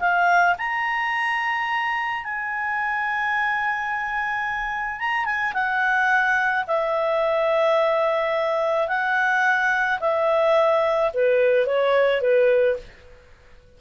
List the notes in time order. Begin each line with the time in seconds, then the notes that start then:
0.00 F5
0.58 A#5
2.24 G#5
5.00 A#5
5.26 G#5
5.54 F#5
6.67 E5
8.88 F#5
10.01 E5
11.14 B4
11.67 C#5
12.21 B4